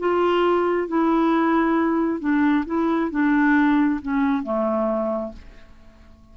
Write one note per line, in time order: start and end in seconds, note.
0.00 0.88 F4
0.88 2.20 E4
2.20 2.65 D4
2.66 3.11 E4
3.11 4.01 D4
4.02 4.43 C#4
4.43 5.33 A3